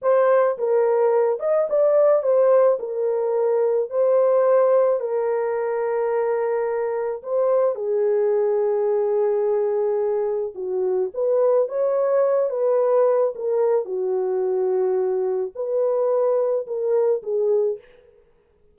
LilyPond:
\new Staff \with { instrumentName = "horn" } { \time 4/4 \tempo 4 = 108 c''4 ais'4. dis''8 d''4 | c''4 ais'2 c''4~ | c''4 ais'2.~ | ais'4 c''4 gis'2~ |
gis'2. fis'4 | b'4 cis''4. b'4. | ais'4 fis'2. | b'2 ais'4 gis'4 | }